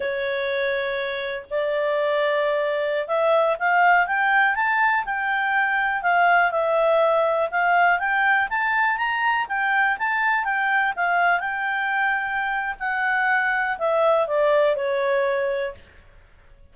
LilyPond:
\new Staff \with { instrumentName = "clarinet" } { \time 4/4 \tempo 4 = 122 cis''2. d''4~ | d''2~ d''16 e''4 f''8.~ | f''16 g''4 a''4 g''4.~ g''16~ | g''16 f''4 e''2 f''8.~ |
f''16 g''4 a''4 ais''4 g''8.~ | g''16 a''4 g''4 f''4 g''8.~ | g''2 fis''2 | e''4 d''4 cis''2 | }